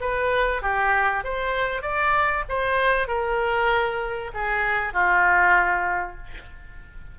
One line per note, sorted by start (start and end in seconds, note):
0.00 0.62 B4
0.62 1.23 G4
1.24 1.82 C5
1.82 2.43 D5
2.48 3.07 C5
3.07 4.31 A#4
4.34 4.93 G#4
4.93 6.17 F4